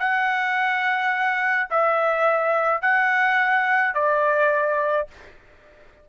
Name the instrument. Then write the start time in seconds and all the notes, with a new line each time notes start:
trumpet
0.00 F#5
1.70 E5
2.82 F#5
3.95 D5